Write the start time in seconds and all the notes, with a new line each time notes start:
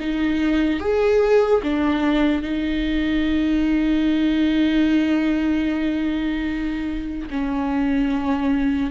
0.00 D#4
0.80 G#4
1.63 D4
2.43 D#4
7.30 C#4